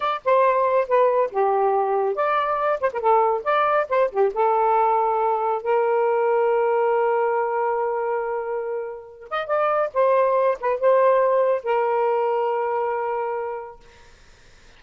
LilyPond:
\new Staff \with { instrumentName = "saxophone" } { \time 4/4 \tempo 4 = 139 d''8 c''4. b'4 g'4~ | g'4 d''4. c''16 ais'16 a'4 | d''4 c''8 g'8 a'2~ | a'4 ais'2.~ |
ais'1~ | ais'4. dis''8 d''4 c''4~ | c''8 b'8 c''2 ais'4~ | ais'1 | }